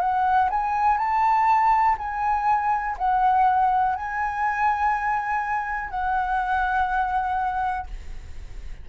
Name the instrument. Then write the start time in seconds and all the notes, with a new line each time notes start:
flute
0.00 F#5
0.50 G#5
0.98 A5
1.98 G#5
2.98 F#5
3.96 G#5
5.90 F#5